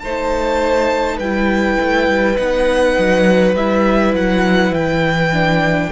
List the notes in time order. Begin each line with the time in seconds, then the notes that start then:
0.00 A3 D#4 C5 A5
1.17 G3 E4 B4 G5
1.80 A3
2.08 G3
2.37 B3 D#4 F#5
2.98 F#3
3.55 G3 E4 E5
4.14 F#3 F#5
4.71 E3 G5
5.33 D4